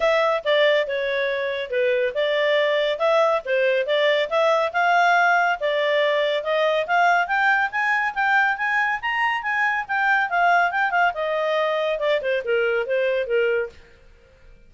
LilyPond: \new Staff \with { instrumentName = "clarinet" } { \time 4/4 \tempo 4 = 140 e''4 d''4 cis''2 | b'4 d''2 e''4 | c''4 d''4 e''4 f''4~ | f''4 d''2 dis''4 |
f''4 g''4 gis''4 g''4 | gis''4 ais''4 gis''4 g''4 | f''4 g''8 f''8 dis''2 | d''8 c''8 ais'4 c''4 ais'4 | }